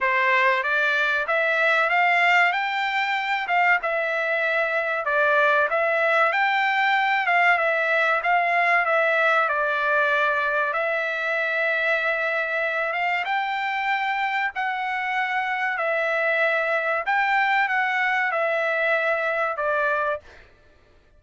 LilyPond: \new Staff \with { instrumentName = "trumpet" } { \time 4/4 \tempo 4 = 95 c''4 d''4 e''4 f''4 | g''4. f''8 e''2 | d''4 e''4 g''4. f''8 | e''4 f''4 e''4 d''4~ |
d''4 e''2.~ | e''8 f''8 g''2 fis''4~ | fis''4 e''2 g''4 | fis''4 e''2 d''4 | }